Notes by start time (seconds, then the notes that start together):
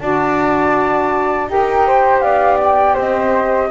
0.00 D4 F#4 D5 A5
1.48 D#4 G4 A#4 G5
1.87 C5
2.21 B3 D5 F5
2.60 G5
2.94 C4 C5 D#5